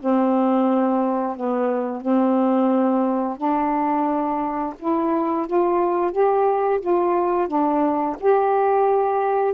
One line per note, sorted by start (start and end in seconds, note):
0.00 1.36 C4
1.37 2.01 B3
2.01 3.37 C4
3.37 4.74 D4
4.79 5.47 E4
5.47 6.12 F4
6.12 6.80 G4
6.81 7.48 F4
7.48 8.16 D4
8.20 9.54 G4